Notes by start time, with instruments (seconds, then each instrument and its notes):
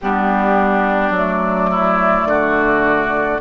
0.01 bassoon G3, clarinet B3, oboe D4, flute G4
1.10 bassoon F#3, clarinet A3, flute D5
1.71 oboe E4
2.25 bassoon D3, oboe F#4